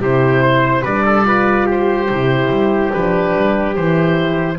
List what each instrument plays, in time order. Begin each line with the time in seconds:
0.00 double bass C3, horn E4, trumpet G4, oboe C5
0.42 trumpet C5
0.82 double bass G3, horn D4, trumpet B4, oboe D5
1.05 trumpet A4
1.24 horn F4, trumpet B4
1.66 trumpet G4, oboe C5
2.10 double bass C3, horn E4
2.49 double bass G3
2.93 double bass F3, horn D4, oboe B4
3.35 double bass G3
3.75 double bass E3, horn E4, oboe C5